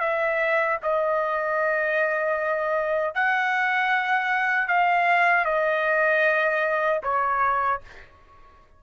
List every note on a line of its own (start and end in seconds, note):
0.00 0.78 E5
0.83 3.15 D#5
3.15 4.68 F#5
4.68 5.45 F5
5.45 7.01 D#5
7.03 7.81 C#5